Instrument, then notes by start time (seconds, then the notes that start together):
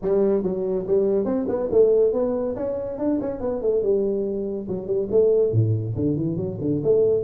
tuba
0.02 G3
0.43 F#3
0.87 G3
1.25 C4
1.48 B3
1.71 A3
2.13 B3
2.56 C#4
2.98 D4
3.20 C#4
3.40 B3
3.61 A3
3.82 G3
4.68 F#3
4.86 G3
5.11 A3
5.52 A2
5.95 D3
6.16 E3
6.36 F#3
6.61 D3
6.83 A3